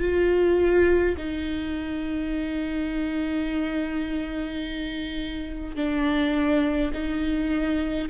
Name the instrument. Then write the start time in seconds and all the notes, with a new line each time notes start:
viola
0.00 F4
1.17 D#4
5.76 D4
6.93 D#4